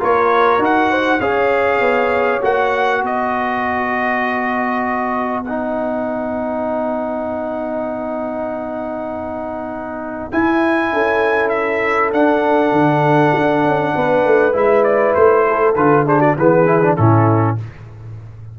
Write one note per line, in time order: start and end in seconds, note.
0.00 0.58 A#3
0.00 0.59 F4
0.00 0.91 A#4
0.00 0.64 C#5
0.58 1.19 D#4
0.58 1.20 F#4
0.58 1.21 F#5
0.91 1.21 C5
1.21 1.80 C#4
1.21 2.41 G#4
1.21 3.02 C#5
1.21 2.42 F5
1.80 2.41 B3
2.41 3.02 A#3
2.41 5.44 F#4
2.41 3.04 F#5
3.02 10.29 B3
3.02 10.90 B4
3.02 5.44 D#5
5.44 10.32 D#4
5.44 10.29 F#5
10.31 12.14 E4
10.31 10.92 E4
10.31 11.49 G#5
10.92 12.13 C#4
10.92 13.95 A4
11.49 12.10 E5
12.13 12.72 D4
12.13 14.52 D4
12.13 14.56 F#5
12.72 13.33 D3
13.35 13.64 D4
13.64 13.94 C#4
13.95 14.25 B3
13.95 15.47 B4
14.25 14.54 A3
14.52 15.15 G#3
14.52 15.73 E4
14.52 14.84 E5
14.84 15.14 D5
15.14 15.76 A3
15.14 15.75 C5
15.48 16.06 A4
15.75 16.37 D3
15.75 16.06 F4
15.75 16.06 B4
16.06 16.36 D4
16.06 16.19 G#4
16.06 16.21 C5
16.19 16.34 F#4
16.19 16.36 D5
16.37 16.98 E3
16.37 16.66 B3
16.37 16.98 G#4
16.37 16.96 B4
16.66 16.81 E4
16.82 16.97 D4
16.96 17.58 A2
16.96 17.58 C#4
16.96 17.59 E4
16.96 17.57 A4